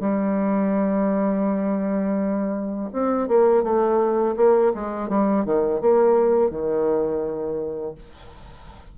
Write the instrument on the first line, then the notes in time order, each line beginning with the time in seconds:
bassoon
0.00 G3
2.93 C4
3.28 A#3
3.63 A3
4.36 A#3
4.74 G#3
5.09 G3
5.45 D#3
5.81 A#3
6.51 D#3